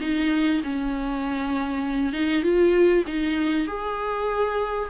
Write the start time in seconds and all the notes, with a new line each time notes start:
0.00 D#4
0.63 C#4
2.13 D#4
2.43 F4
3.07 D#4
3.67 G#4